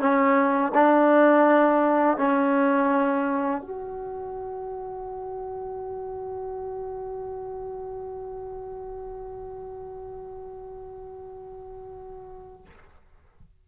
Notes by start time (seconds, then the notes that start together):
0.00 C#4
0.75 D4
2.18 C#4
3.61 F#4